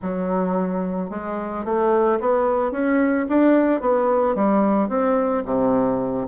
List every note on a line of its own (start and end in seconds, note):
0.01 1.10 F#3
1.10 1.64 G#3
1.64 2.19 A3
2.19 2.71 B3
2.71 3.26 C#4
3.28 3.81 D4
3.81 4.35 B3
4.35 4.88 G3
4.88 5.43 C4
5.45 6.27 C3